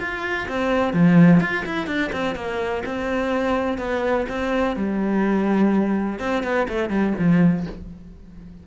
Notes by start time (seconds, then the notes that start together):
0.00 F4
0.49 C4
0.94 F3
1.41 F4
1.66 E4
1.87 D4
2.13 C4
2.36 A#3
2.86 C4
3.79 B3
4.29 C4
4.77 G3
6.20 C4
6.44 B3
6.69 A3
6.90 G3
7.19 F3